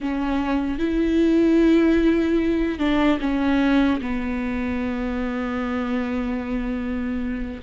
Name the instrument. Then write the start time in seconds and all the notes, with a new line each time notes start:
viola
0.00 C#4
0.78 E4
2.78 D4
3.20 C#4
4.01 B3